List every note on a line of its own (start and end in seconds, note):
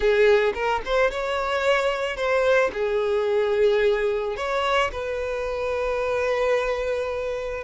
0.00 0.53 G#4
0.54 0.81 A#4
0.85 1.11 C5
1.11 2.16 C#5
2.16 2.70 C5
2.73 4.36 G#4
4.36 4.91 C#5
4.91 7.63 B4